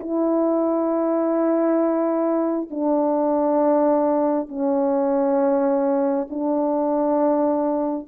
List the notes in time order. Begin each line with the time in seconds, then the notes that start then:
0.00 E4
2.70 D4
4.49 C#4
6.30 D4